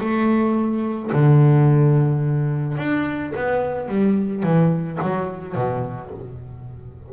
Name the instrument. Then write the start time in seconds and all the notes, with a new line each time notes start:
double bass
0.00 A3
1.12 D3
2.78 D4
3.36 B3
3.88 G3
4.43 E3
5.02 F#3
5.55 B2